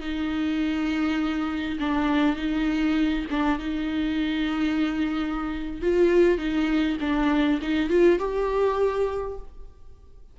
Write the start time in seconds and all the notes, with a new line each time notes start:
0.00 D#4
1.80 D4
2.36 D#4
3.30 D4
3.59 D#4
5.82 F4
6.38 D#4
7.00 D4
7.61 D#4
7.90 F4
8.18 G4